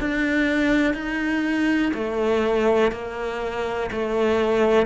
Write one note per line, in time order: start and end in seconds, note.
0.00 0.94 D4
0.94 1.92 D#4
1.94 2.92 A3
2.92 3.90 A#3
3.92 4.86 A3